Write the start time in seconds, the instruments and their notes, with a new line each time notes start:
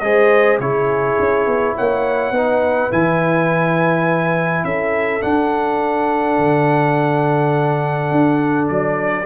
0.00 tuba G#3, trombone G#4, horn C5, trumpet D#5
0.59 tuba C#3, trombone E4, horn G#4, trumpet C#5
1.19 tuba C#4
1.47 tuba B3
1.75 tuba A#3, horn C#5, trumpet F#5
2.31 tuba B3, trombone D#4, horn B4
2.91 tuba E3, trombone E4, trumpet G#5
4.64 tuba C#4, horn A4, trumpet E5
5.21 trombone D4, tuba D4, trumpet F#5
6.38 tuba D3
8.11 tuba D4
8.68 tuba F#3, trumpet D5